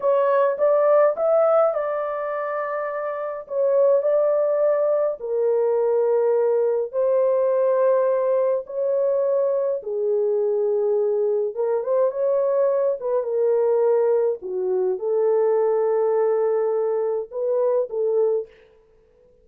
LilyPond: \new Staff \with { instrumentName = "horn" } { \time 4/4 \tempo 4 = 104 cis''4 d''4 e''4 d''4~ | d''2 cis''4 d''4~ | d''4 ais'2. | c''2. cis''4~ |
cis''4 gis'2. | ais'8 c''8 cis''4. b'8 ais'4~ | ais'4 fis'4 a'2~ | a'2 b'4 a'4 | }